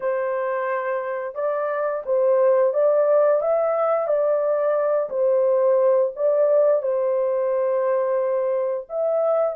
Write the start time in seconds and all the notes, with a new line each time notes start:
0.00 C5
1.35 D5
2.05 C5
2.73 D5
3.41 E5
4.07 D5
5.10 C5
6.15 D5
6.82 C5
8.89 E5